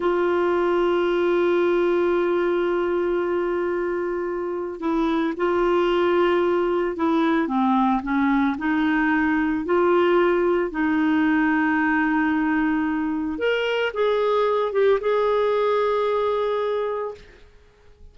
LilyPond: \new Staff \with { instrumentName = "clarinet" } { \time 4/4 \tempo 4 = 112 f'1~ | f'1~ | f'4 e'4 f'2~ | f'4 e'4 c'4 cis'4 |
dis'2 f'2 | dis'1~ | dis'4 ais'4 gis'4. g'8 | gis'1 | }